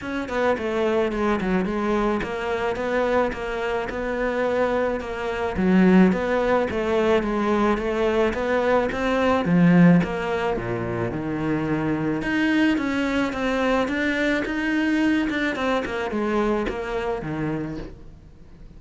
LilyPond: \new Staff \with { instrumentName = "cello" } { \time 4/4 \tempo 4 = 108 cis'8 b8 a4 gis8 fis8 gis4 | ais4 b4 ais4 b4~ | b4 ais4 fis4 b4 | a4 gis4 a4 b4 |
c'4 f4 ais4 ais,4 | dis2 dis'4 cis'4 | c'4 d'4 dis'4. d'8 | c'8 ais8 gis4 ais4 dis4 | }